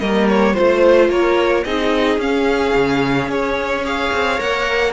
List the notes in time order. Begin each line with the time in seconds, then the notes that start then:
0.00 G3 A#3 A#4 D#5
0.29 C#5
0.53 F4 C5
0.60 A3
1.09 A#3 A#4 C#5
1.64 C4 D#4 G#4 D#5
2.18 C#4 F5
2.75 C#3
3.28 C#4 C#5
3.83 G#4 C#5 F5
4.12 C4
4.37 A#3 A#4 F#5